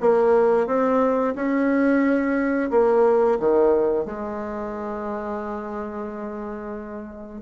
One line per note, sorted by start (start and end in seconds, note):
0.00 0.67 A#3
0.67 1.34 C4
1.35 2.70 C#4
2.70 3.38 A#3
3.39 4.05 D#3
4.05 7.42 G#3